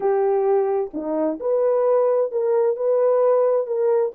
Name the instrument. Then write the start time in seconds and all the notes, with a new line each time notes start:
horn
0.00 G4
0.93 D#4
1.40 B4
2.31 A#4
2.76 B4
3.66 A#4